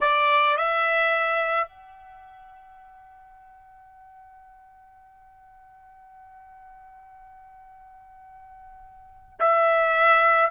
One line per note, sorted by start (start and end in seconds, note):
0.01 0.57 D5
0.57 1.67 E5
1.67 9.38 F#5
9.39 10.50 E5